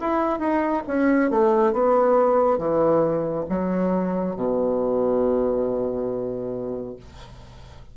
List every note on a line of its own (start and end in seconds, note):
0.00 0.39 E4
0.39 0.82 D#4
0.87 1.30 C#4
1.30 1.73 A3
1.73 2.58 B3
2.58 3.45 E3
3.49 4.36 F#3
4.36 6.96 B2